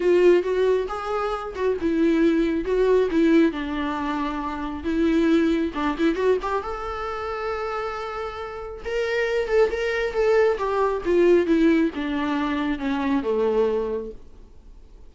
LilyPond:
\new Staff \with { instrumentName = "viola" } { \time 4/4 \tempo 4 = 136 f'4 fis'4 gis'4. fis'8 | e'2 fis'4 e'4 | d'2. e'4~ | e'4 d'8 e'8 fis'8 g'8 a'4~ |
a'1 | ais'4. a'8 ais'4 a'4 | g'4 f'4 e'4 d'4~ | d'4 cis'4 a2 | }